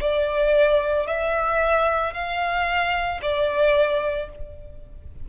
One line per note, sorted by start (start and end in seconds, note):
0.00 1.07 D5
1.07 2.13 E5
2.13 3.20 F5
3.22 4.29 D5